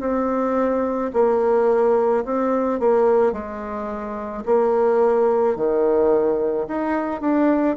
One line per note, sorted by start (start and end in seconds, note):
0.00 1.11 C4
1.13 2.24 A#3
2.25 2.80 C4
2.80 3.32 A#3
3.32 4.43 G#3
4.45 5.56 A#3
5.56 6.67 D#3
6.67 7.21 D#4
7.21 7.76 D4